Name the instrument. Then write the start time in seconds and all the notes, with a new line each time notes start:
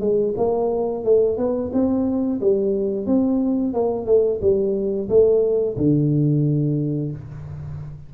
tuba
0.00 G#3
0.36 A#3
1.04 A3
1.37 B3
1.73 C4
2.40 G3
3.06 C4
3.73 A#3
4.05 A3
4.41 G3
5.09 A3
5.77 D3